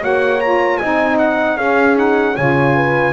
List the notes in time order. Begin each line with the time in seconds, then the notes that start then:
0.00 A#3 F#4 C#5 F#5
0.40 F4 A#5
0.77 C4 D#4 D#5 G#5
1.18 F#5
1.57 C#4 G#4 F5
1.95 D#4 F#5
2.35 C#3 F4 C#5 G#5
2.75 B4